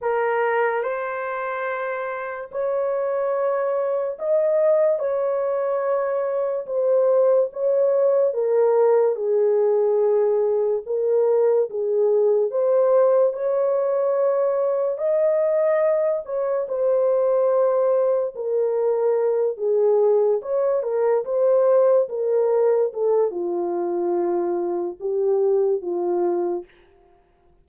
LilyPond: \new Staff \with { instrumentName = "horn" } { \time 4/4 \tempo 4 = 72 ais'4 c''2 cis''4~ | cis''4 dis''4 cis''2 | c''4 cis''4 ais'4 gis'4~ | gis'4 ais'4 gis'4 c''4 |
cis''2 dis''4. cis''8 | c''2 ais'4. gis'8~ | gis'8 cis''8 ais'8 c''4 ais'4 a'8 | f'2 g'4 f'4 | }